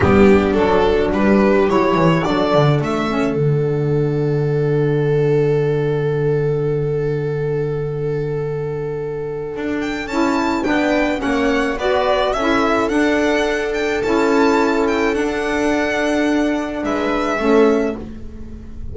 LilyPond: <<
  \new Staff \with { instrumentName = "violin" } { \time 4/4 \tempo 4 = 107 g'4 a'4 b'4 cis''4 | d''4 e''4 fis''2~ | fis''1~ | fis''1~ |
fis''4. g''8 a''4 g''4 | fis''4 d''4 e''4 fis''4~ | fis''8 g''8 a''4. g''8 fis''4~ | fis''2 e''2 | }
  \new Staff \with { instrumentName = "viola" } { \time 4/4 d'2 g'2 | a'1~ | a'1~ | a'1~ |
a'2. b'4 | cis''4 b'4 a'2~ | a'1~ | a'2 b'4 a'4 | }
  \new Staff \with { instrumentName = "saxophone" } { \time 4/4 b4 d'2 e'4 | d'4. cis'8 d'2~ | d'1~ | d'1~ |
d'2 e'4 d'4 | cis'4 fis'4 e'4 d'4~ | d'4 e'2 d'4~ | d'2. cis'4 | }
  \new Staff \with { instrumentName = "double bass" } { \time 4/4 g4 fis4 g4 fis8 e8 | fis8 d8 a4 d2~ | d1~ | d1~ |
d4 d'4 cis'4 b4 | ais4 b4 cis'4 d'4~ | d'4 cis'2 d'4~ | d'2 gis4 a4 | }
>>